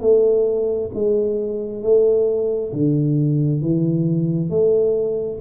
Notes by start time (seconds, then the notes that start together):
0.00 A3
0.94 G#3
1.82 A3
2.72 D3
3.61 E3
4.49 A3